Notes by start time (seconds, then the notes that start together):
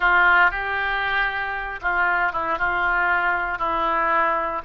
0.00 F4
0.50 G4
1.81 F4
2.32 E4
2.58 F4
3.58 E4